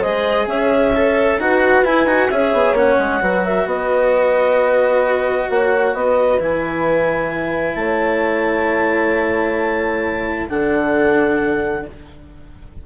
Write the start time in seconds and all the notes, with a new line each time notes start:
0.00 G#3 G#4 C5 D#5
0.46 C#4 C#5 E5
0.95 A4
1.38 D#4 F#4 B4 F#5
1.83 E4 G#5
2.05 D#4 F#4
2.30 C#4 G#4 C#5 E5
2.53 B3
2.72 A#3 C#4 F#5
2.99 G#3
3.20 F#3 F#4 B4
3.44 A#4 E5
3.65 B3 B4 D#5
5.49 A#3 C#5 F#5
5.94 B3 B4 D#5
6.39 E3 E4 G#5
7.75 A3 C#5 A5
10.48 D3 D4 A4 F#5